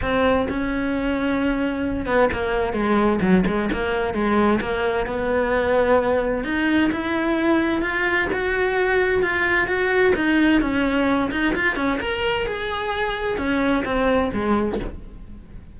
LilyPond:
\new Staff \with { instrumentName = "cello" } { \time 4/4 \tempo 4 = 130 c'4 cis'2.~ | cis'8 b8 ais4 gis4 fis8 gis8 | ais4 gis4 ais4 b4~ | b2 dis'4 e'4~ |
e'4 f'4 fis'2 | f'4 fis'4 dis'4 cis'4~ | cis'8 dis'8 f'8 cis'8 ais'4 gis'4~ | gis'4 cis'4 c'4 gis4 | }